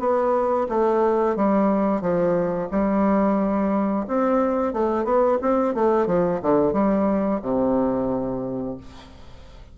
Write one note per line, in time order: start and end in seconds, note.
0.00 0.67 B3
0.70 1.36 A3
1.36 2.02 G3
2.02 2.69 F3
2.72 4.06 G3
4.08 4.74 C4
4.74 5.05 A3
5.05 5.39 B3
5.42 5.75 C4
5.75 6.07 A3
6.07 6.41 F3
6.42 6.74 D3
6.74 7.41 G3
7.43 8.78 C3